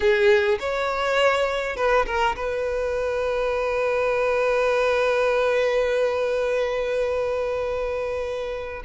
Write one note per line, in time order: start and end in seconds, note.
0.00 0.58 G#4
0.59 1.76 C#5
1.76 2.05 B4
2.06 2.35 A#4
2.36 8.83 B4